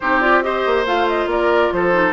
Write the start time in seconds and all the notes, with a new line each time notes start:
0.00 C4 D#4 G4 C5
0.21 F4 D5
0.42 G4 C5 D#5
0.66 A#3
0.86 A3 F4 F5
1.07 D#5
1.26 A#3 A#4 D5
1.72 F3 A4 C5
1.92 D#4